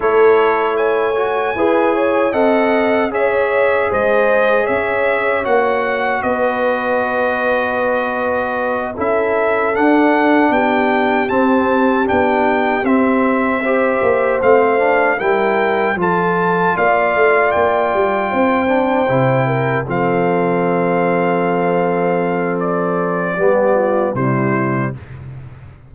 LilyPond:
<<
  \new Staff \with { instrumentName = "trumpet" } { \time 4/4 \tempo 4 = 77 cis''4 gis''2 fis''4 | e''4 dis''4 e''4 fis''4 | dis''2.~ dis''8 e''8~ | e''8 fis''4 g''4 a''4 g''8~ |
g''8 e''2 f''4 g''8~ | g''8 a''4 f''4 g''4.~ | g''4. f''2~ f''8~ | f''4 d''2 c''4 | }
  \new Staff \with { instrumentName = "horn" } { \time 4/4 a'4 cis''4 b'8 cis''8 dis''4 | cis''4 c''4 cis''2 | b'2.~ b'8 a'8~ | a'4. g'2~ g'8~ |
g'4. c''2 ais'8~ | ais'8 a'4 d''2 c''8~ | c''4 ais'8 a'2~ a'8~ | a'2 g'8 f'8 e'4 | }
  \new Staff \with { instrumentName = "trombone" } { \time 4/4 e'4. fis'8 gis'4 a'4 | gis'2. fis'4~ | fis'2.~ fis'8 e'8~ | e'8 d'2 c'4 d'8~ |
d'8 c'4 g'4 c'8 d'8 e'8~ | e'8 f'2.~ f'8 | d'8 e'4 c'2~ c'8~ | c'2 b4 g4 | }
  \new Staff \with { instrumentName = "tuba" } { \time 4/4 a2 e'4 c'4 | cis'4 gis4 cis'4 ais4 | b2.~ b8 cis'8~ | cis'8 d'4 b4 c'4 b8~ |
b8 c'4. ais8 a4 g8~ | g8 f4 ais8 a8 ais8 g8 c'8~ | c'8 c4 f2~ f8~ | f2 g4 c4 | }
>>